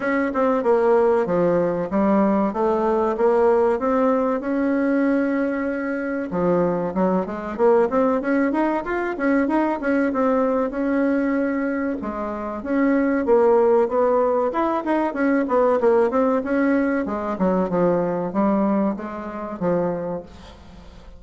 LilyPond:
\new Staff \with { instrumentName = "bassoon" } { \time 4/4 \tempo 4 = 95 cis'8 c'8 ais4 f4 g4 | a4 ais4 c'4 cis'4~ | cis'2 f4 fis8 gis8 | ais8 c'8 cis'8 dis'8 f'8 cis'8 dis'8 cis'8 |
c'4 cis'2 gis4 | cis'4 ais4 b4 e'8 dis'8 | cis'8 b8 ais8 c'8 cis'4 gis8 fis8 | f4 g4 gis4 f4 | }